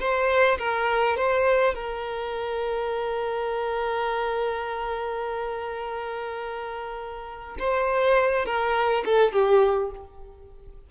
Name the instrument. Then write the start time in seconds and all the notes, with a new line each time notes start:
violin
0.00 C5
0.59 A#4
1.17 C5
1.74 A#4
7.59 C5
8.46 A#4
9.05 A4
9.33 G4